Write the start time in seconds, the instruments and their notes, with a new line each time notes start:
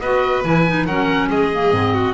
0.00 double bass B3, clarinet F#4, violin B4, oboe D#5
0.44 double bass E3, clarinet E4, oboe G#5
0.67 clarinet D#4
0.86 double bass F#3, clarinet C#4, violin A#4, oboe F#5
1.29 double bass G#3, violin G#4, oboe D#5
1.53 clarinet A#3
1.72 double bass G#2, clarinet C4
1.94 violin F#4